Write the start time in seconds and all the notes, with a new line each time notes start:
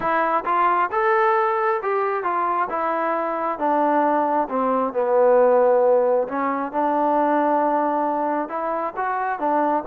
0.00 E4
0.45 F4
0.91 A4
1.82 G4
2.23 F4
2.69 E4
3.58 D4
4.49 C4
4.93 B3
6.28 C#4
6.72 D4
8.48 E4
8.96 F#4
9.39 D4